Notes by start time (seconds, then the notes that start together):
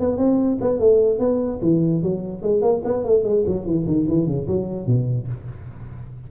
0.00 B3
0.18 C4
0.62 B3
0.80 A3
1.19 B3
1.62 E3
2.03 F#3
2.43 G#3
2.62 A#3
2.85 B3
3.04 A3
3.24 G#3
3.47 F#3
3.66 E3
3.87 D#3
4.08 E3
4.27 C#3
4.48 F#3
4.87 B2